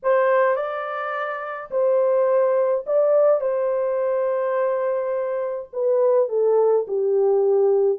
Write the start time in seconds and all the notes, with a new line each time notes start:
0.02 C5
0.56 D5
1.70 C5
2.86 D5
3.40 C5
5.72 B4
6.29 A4
6.87 G4